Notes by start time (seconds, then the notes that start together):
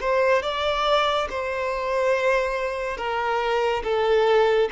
0.00 C5
0.42 D5
1.30 C5
2.97 A#4
3.83 A4